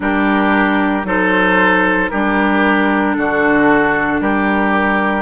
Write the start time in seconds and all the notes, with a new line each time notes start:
0.00 G3 D4 G4 A#4
1.04 F#3 D#4 A4 C5
2.09 G3 D4 G4 A#4
3.13 D3 F#4 A4
4.20 G3 G4 A#4